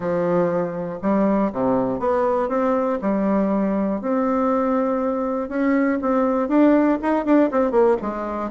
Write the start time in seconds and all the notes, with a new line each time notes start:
0.00 F3
1.01 G3
1.52 C3
1.99 B3
2.48 C4
3.01 G3
4.01 C4
5.48 C#4
6.01 C4
6.48 D4
7.01 D#4
7.25 D4
7.51 C4
7.71 A#3
8.01 G#3